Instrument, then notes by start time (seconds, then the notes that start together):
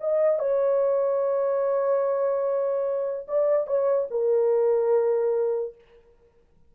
horn
0.00 D#5
0.39 C#5
3.27 D5
3.66 C#5
4.10 A#4